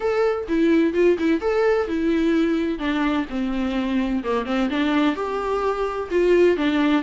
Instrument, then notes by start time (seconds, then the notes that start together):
viola
0.00 A4
0.48 E4
0.93 F4
1.18 E4
1.40 A4
1.87 E4
2.78 D4
3.29 C4
4.23 A#3
4.45 C4
4.70 D4
5.15 G4
6.10 F4
6.56 D4